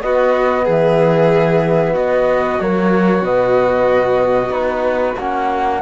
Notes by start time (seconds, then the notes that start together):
0.00 B3 F#4 D#5
0.64 E3 G#4 E5
1.92 B3 F#4 D#5
2.59 F#3 A#3 C#5
3.22 B2 B3 D#5
4.49 B3 D#4 B4
5.18 A#3 C#4 F#5